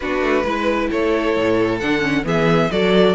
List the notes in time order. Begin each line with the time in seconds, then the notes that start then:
0.00 B3 D4 F#4 B4
0.21 A3
0.44 G#3 E4 B4
0.90 A3 A4 C#5
1.37 A2
1.79 D3 D4 F#5
2.01 C#4
2.23 E3 B3 G#4 E5
2.71 F#3 F#4 A4 D5